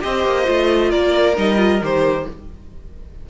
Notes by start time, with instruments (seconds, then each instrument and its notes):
0.00 cello C4, viola G4, violin C5 D#5
0.24 cello A#3
0.44 cello A3, viola F4
0.90 cello A#3, violin A#4 D5
1.35 cello G3, viola D#4, violin D#5
1.56 viola F4
1.81 cello D#3, viola G4, violin C5